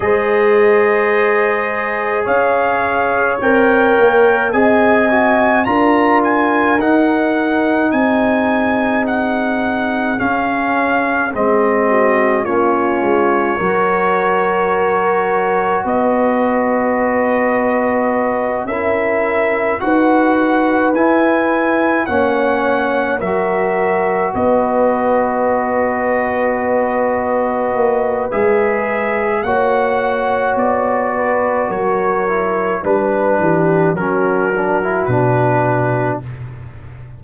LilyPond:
<<
  \new Staff \with { instrumentName = "trumpet" } { \time 4/4 \tempo 4 = 53 dis''2 f''4 g''4 | gis''4 ais''8 gis''8 fis''4 gis''4 | fis''4 f''4 dis''4 cis''4~ | cis''2 dis''2~ |
dis''8 e''4 fis''4 gis''4 fis''8~ | fis''8 e''4 dis''2~ dis''8~ | dis''4 e''4 fis''4 d''4 | cis''4 b'4 ais'4 b'4 | }
  \new Staff \with { instrumentName = "horn" } { \time 4/4 c''2 cis''2 | dis''4 ais'2 gis'4~ | gis'2~ gis'8 fis'8 f'4 | ais'2 b'2~ |
b'8 ais'4 b'2 cis''8~ | cis''8 ais'4 b'2~ b'8~ | b'2 cis''4. b'8 | ais'4 b'8 g'8 fis'2 | }
  \new Staff \with { instrumentName = "trombone" } { \time 4/4 gis'2. ais'4 | gis'8 fis'8 f'4 dis'2~ | dis'4 cis'4 c'4 cis'4 | fis'1~ |
fis'8 e'4 fis'4 e'4 cis'8~ | cis'8 fis'2.~ fis'8~ | fis'4 gis'4 fis'2~ | fis'8 e'8 d'4 cis'8 d'16 e'16 d'4 | }
  \new Staff \with { instrumentName = "tuba" } { \time 4/4 gis2 cis'4 c'8 ais8 | c'4 d'4 dis'4 c'4~ | c'4 cis'4 gis4 ais8 gis8 | fis2 b2~ |
b8 cis'4 dis'4 e'4 ais8~ | ais8 fis4 b2~ b8~ | b8 ais8 gis4 ais4 b4 | fis4 g8 e8 fis4 b,4 | }
>>